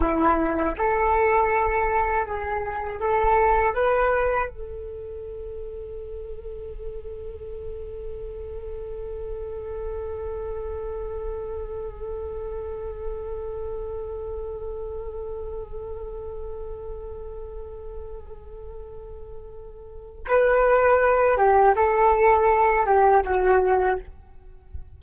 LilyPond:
\new Staff \with { instrumentName = "flute" } { \time 4/4 \tempo 4 = 80 e'4 a'2 gis'4 | a'4 b'4 a'2~ | a'1~ | a'1~ |
a'1~ | a'1~ | a'2. b'4~ | b'8 g'8 a'4. g'8 fis'4 | }